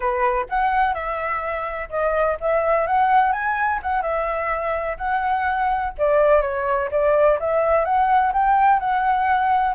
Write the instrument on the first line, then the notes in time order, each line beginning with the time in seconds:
flute
0.00 B4
0.49 F#5
0.94 E5
1.89 D#5
2.40 E5
2.86 F#5
3.32 G#5
3.82 F#5
4.02 E5
4.97 F#5
5.98 D5
6.41 C#5
6.91 D5
7.39 E5
7.84 F#5
8.32 G5
8.79 F#5